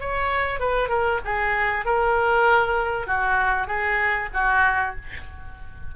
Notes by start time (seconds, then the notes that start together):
0.00 C#5
0.60 B4
0.89 A#4
1.25 G#4
1.85 A#4
3.07 F#4
3.67 G#4
4.34 F#4